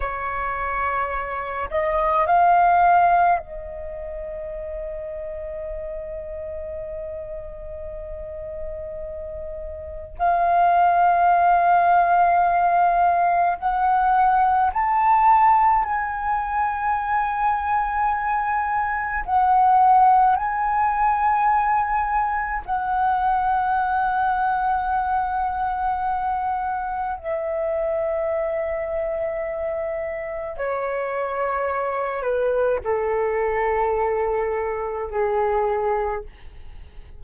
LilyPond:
\new Staff \with { instrumentName = "flute" } { \time 4/4 \tempo 4 = 53 cis''4. dis''8 f''4 dis''4~ | dis''1~ | dis''4 f''2. | fis''4 a''4 gis''2~ |
gis''4 fis''4 gis''2 | fis''1 | e''2. cis''4~ | cis''8 b'8 a'2 gis'4 | }